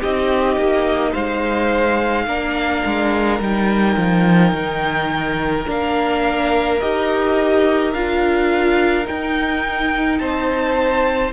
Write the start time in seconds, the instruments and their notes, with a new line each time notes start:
0.00 cello C4, viola D#4, violin G4 D#5
0.57 cello A#3
1.11 cello G#3, violin C5 F5
2.26 cello A#3, viola D4, violin A#4
2.85 cello G#3
3.40 cello G3, viola D#4, violin G5
3.97 cello F3
4.53 cello D#3
5.66 cello A#3, viola D4, violin F5
6.81 cello D#4, viola G4, violin D#5
7.93 cello D4, viola F4, violin F5
9.04 viola D#4, cello D#4, violin G5
10.19 cello C4, violin C5 A5